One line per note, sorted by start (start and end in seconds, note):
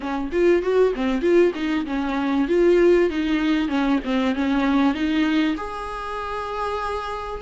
0.00 0.30 C#4
0.31 0.62 F4
0.62 0.93 F#4
0.95 1.21 C4
1.21 1.52 F4
1.54 1.85 D#4
1.86 2.47 C#4
2.47 3.09 F4
3.10 3.68 D#4
3.68 3.99 C#4
4.04 4.35 C4
4.35 4.94 C#4
4.94 5.56 D#4
5.56 7.41 G#4